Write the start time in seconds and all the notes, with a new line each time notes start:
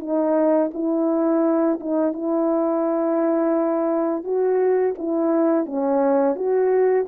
0.00 D#4
0.74 E4
1.80 D#4
2.13 E4
4.24 F#4
4.98 E4
5.66 C#4
6.35 F#4